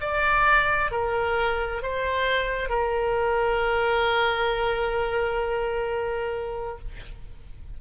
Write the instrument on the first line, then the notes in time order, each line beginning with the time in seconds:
oboe
0.00 D5
0.91 A#4
1.82 C5
2.69 A#4